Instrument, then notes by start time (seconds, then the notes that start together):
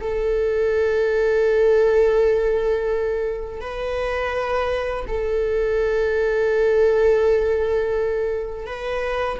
viola
0.00 A4
3.60 B4
5.07 A4
8.66 B4